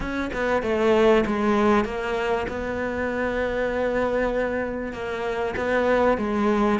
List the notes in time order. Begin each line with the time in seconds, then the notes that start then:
0.00 C#4
0.33 B3
0.62 A3
1.26 G#3
1.84 A#3
2.48 B3
4.92 A#3
5.56 B3
6.17 G#3